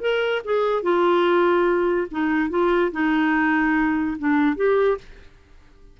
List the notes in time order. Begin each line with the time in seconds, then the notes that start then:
0.00 A#4
0.44 G#4
0.82 F4
2.11 D#4
2.49 F4
2.91 D#4
4.18 D4
4.56 G4